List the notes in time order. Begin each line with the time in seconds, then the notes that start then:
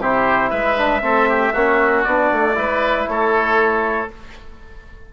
0.00 C3 E4 G4 C5
0.50 G#3 B4 E5
0.77 D4
1.01 A3 C4 A4
1.29 G4
1.53 A#3 C#4 F#4
2.03 B3 D4 D5
2.32 A3
2.54 G#3 E4 B4
3.07 A3 A4 C#5